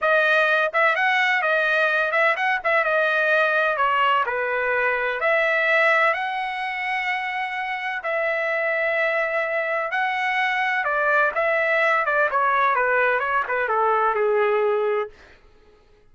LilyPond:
\new Staff \with { instrumentName = "trumpet" } { \time 4/4 \tempo 4 = 127 dis''4. e''8 fis''4 dis''4~ | dis''8 e''8 fis''8 e''8 dis''2 | cis''4 b'2 e''4~ | e''4 fis''2.~ |
fis''4 e''2.~ | e''4 fis''2 d''4 | e''4. d''8 cis''4 b'4 | cis''8 b'8 a'4 gis'2 | }